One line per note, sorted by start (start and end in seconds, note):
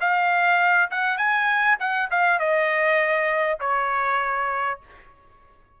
0.00 0.90 F5
0.90 1.17 F#5
1.17 1.77 G#5
1.79 2.09 F#5
2.11 2.39 F5
2.39 3.59 D#5
3.59 4.79 C#5